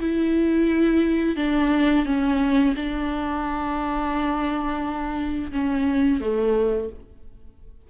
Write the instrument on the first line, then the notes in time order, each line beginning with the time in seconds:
viola
0.00 E4
1.36 D4
2.05 C#4
2.76 D4
5.52 C#4
6.20 A3